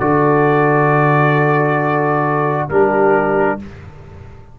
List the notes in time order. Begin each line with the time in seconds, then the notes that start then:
0.00 D3 F#4 A4 D5
2.70 G3 D4 G4 A#4